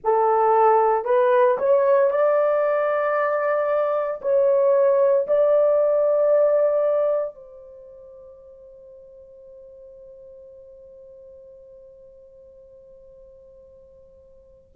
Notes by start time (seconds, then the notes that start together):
0.03 A4
1.04 B4
1.58 C#5
2.10 D5
4.21 C#5
5.27 D5
7.34 C5